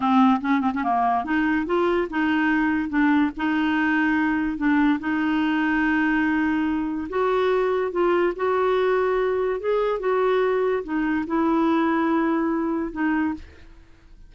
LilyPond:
\new Staff \with { instrumentName = "clarinet" } { \time 4/4 \tempo 4 = 144 c'4 cis'8 c'16 cis'16 ais4 dis'4 | f'4 dis'2 d'4 | dis'2. d'4 | dis'1~ |
dis'4 fis'2 f'4 | fis'2. gis'4 | fis'2 dis'4 e'4~ | e'2. dis'4 | }